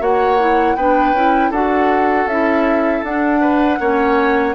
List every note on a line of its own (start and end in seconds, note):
0.00 0.76 A#3
0.00 0.38 F#4
0.00 0.77 C#5
0.00 0.76 F#5
0.40 0.78 E4
0.76 1.13 B3
0.76 1.16 D4
0.76 1.51 B4
0.76 1.52 G5
1.13 1.51 C#4
1.13 1.54 E4
1.51 2.26 D4
1.51 2.30 F#4
1.51 3.41 A4
1.51 2.28 F#5
2.26 3.02 C#4
2.26 3.05 E4
2.26 3.04 E5
3.03 3.79 D4
3.03 3.81 D4
3.03 4.55 F#5
3.41 3.79 B4
3.80 4.55 A#3
3.80 4.55 C#4
3.80 4.55 C#5